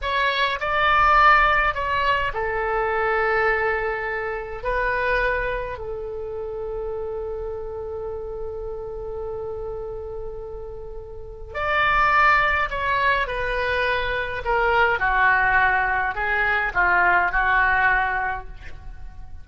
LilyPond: \new Staff \with { instrumentName = "oboe" } { \time 4/4 \tempo 4 = 104 cis''4 d''2 cis''4 | a'1 | b'2 a'2~ | a'1~ |
a'1 | d''2 cis''4 b'4~ | b'4 ais'4 fis'2 | gis'4 f'4 fis'2 | }